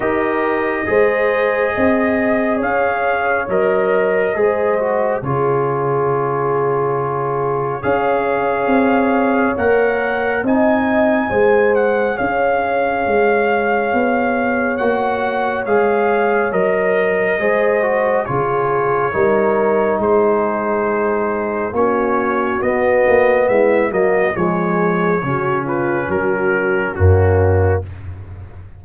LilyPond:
<<
  \new Staff \with { instrumentName = "trumpet" } { \time 4/4 \tempo 4 = 69 dis''2. f''4 | dis''2 cis''2~ | cis''4 f''2 fis''4 | gis''4. fis''8 f''2~ |
f''4 fis''4 f''4 dis''4~ | dis''4 cis''2 c''4~ | c''4 cis''4 dis''4 e''8 dis''8 | cis''4. b'8 ais'4 fis'4 | }
  \new Staff \with { instrumentName = "horn" } { \time 4/4 ais'4 c''4 dis''4 cis''4~ | cis''4 c''4 gis'2~ | gis'4 cis''2. | dis''4 c''4 cis''2~ |
cis''1 | c''4 gis'4 ais'4 gis'4~ | gis'4 fis'2 e'8 fis'8 | gis'4 fis'8 f'8 fis'4 cis'4 | }
  \new Staff \with { instrumentName = "trombone" } { \time 4/4 g'4 gis'2. | ais'4 gis'8 fis'8 f'2~ | f'4 gis'2 ais'4 | dis'4 gis'2.~ |
gis'4 fis'4 gis'4 ais'4 | gis'8 fis'8 f'4 dis'2~ | dis'4 cis'4 b4. ais8 | gis4 cis'2 ais4 | }
  \new Staff \with { instrumentName = "tuba" } { \time 4/4 dis'4 gis4 c'4 cis'4 | fis4 gis4 cis2~ | cis4 cis'4 c'4 ais4 | c'4 gis4 cis'4 gis4 |
b4 ais4 gis4 fis4 | gis4 cis4 g4 gis4~ | gis4 ais4 b8 ais8 gis8 fis8 | f4 cis4 fis4 fis,4 | }
>>